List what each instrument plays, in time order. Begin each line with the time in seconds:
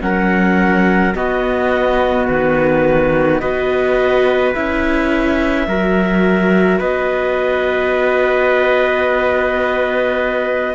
0.00 cello F#3, viola C#4, trumpet A#4, clarinet F#5
1.15 viola B3, cello B3, trumpet F#4, clarinet D#5
2.26 cello D#3, clarinet B4
3.40 cello B3, viola F#4, trumpet B4, clarinet D#5
4.54 cello C#4, viola E4, clarinet E5
5.67 cello F#3, viola F#4, trumpet A#4
6.79 cello B3, trumpet B4, clarinet D#5